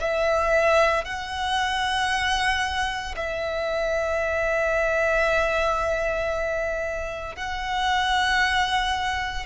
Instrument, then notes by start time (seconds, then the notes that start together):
violin
0.00 E5
1.04 F#5
3.16 E5
7.35 F#5